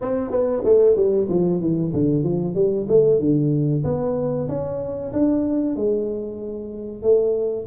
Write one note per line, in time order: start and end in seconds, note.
0.01 0.30 C4
0.30 0.62 B3
0.64 0.96 A3
0.96 1.28 G3
1.29 1.60 F3
1.60 1.92 E3
1.93 2.23 D3
2.23 2.54 F3
2.54 2.86 G3
2.88 3.19 A3
3.19 3.83 D3
3.84 4.48 B3
4.48 5.12 C#4
5.12 5.76 D4
5.76 7.02 G#3
7.02 7.66 A3